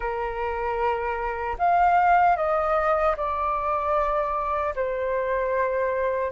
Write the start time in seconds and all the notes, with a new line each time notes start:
0.00 A#4
1.58 F5
2.36 D#5
3.16 D5
4.75 C5